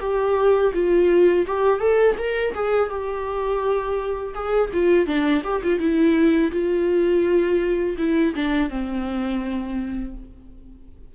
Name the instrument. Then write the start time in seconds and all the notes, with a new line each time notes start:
viola
0.00 G4
0.74 F4
1.47 G4
1.80 A4
2.18 A#4
2.55 G#4
2.89 G4
4.34 G#4
4.73 F4
5.06 D4
5.44 G4
5.64 F4
5.79 E4
6.52 F4
7.98 E4
8.35 D4
8.69 C4